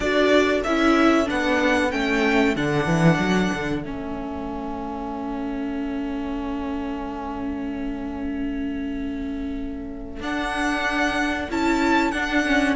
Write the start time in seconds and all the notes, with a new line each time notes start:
0.00 D4 F#4 A4 D5
0.63 C#4 E4 E5
1.25 B3 D4 F#5
1.91 A3 C#4 G5
2.55 D3 D4 F#5
2.86 E3
3.18 F#3
3.53 D3
3.82 A3 C#4 E5
10.20 D4 F#5
11.49 C#4 E4 A5
12.11 D4 F#5
12.46 C#4